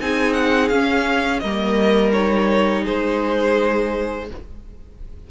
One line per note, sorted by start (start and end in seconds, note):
0.00 0.71 C4
0.00 0.71 D#4
0.00 1.42 G#4
0.00 0.33 G#5
0.33 0.68 F#5
0.68 1.42 C#4
0.68 1.43 C#4
0.68 1.39 F5
1.39 2.86 G3
1.39 2.12 A#3
1.39 2.83 A#4
1.39 2.11 D#5
2.12 4.27 D#4
2.12 2.83 C#5
2.83 4.30 G#3
2.83 4.26 G#4
2.83 4.29 C5